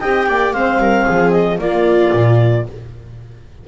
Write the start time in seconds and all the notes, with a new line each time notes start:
0.00 C4 G4 D#5 G5
0.28 A#3 D5
0.53 G#3 C4 C5 F5
0.77 G3 A#4
1.05 F3 G#4
1.31 D#5
1.58 A#3 F4 D5
2.13 A#2